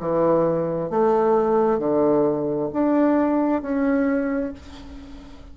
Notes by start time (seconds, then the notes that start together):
0.00 E3
0.90 A3
1.79 D3
2.73 D4
3.62 C#4